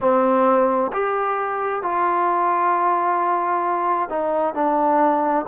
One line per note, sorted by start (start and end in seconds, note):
0.00 0.91 C4
0.93 1.82 G4
1.82 4.09 F4
4.09 4.54 D#4
4.54 5.45 D4